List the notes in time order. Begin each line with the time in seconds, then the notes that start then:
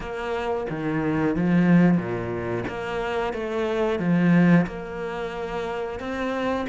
0.00 A#3
0.69 D#3
1.36 F3
1.97 A#2
2.68 A#3
3.33 A3
3.99 F3
4.66 A#3
5.99 C4